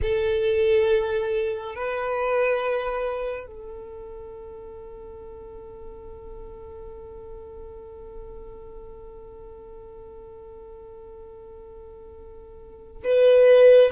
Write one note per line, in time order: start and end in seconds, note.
0.02 1.75 A4
1.75 3.46 B4
3.46 13.03 A4
13.04 13.91 B4